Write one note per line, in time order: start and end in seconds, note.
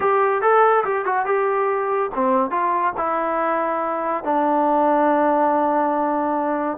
0.00 0.41 G4
0.41 0.84 A4
0.84 1.05 G4
1.05 1.25 F#4
1.25 2.10 G4
2.14 2.50 C4
2.50 2.93 F4
2.97 4.23 E4
4.24 6.77 D4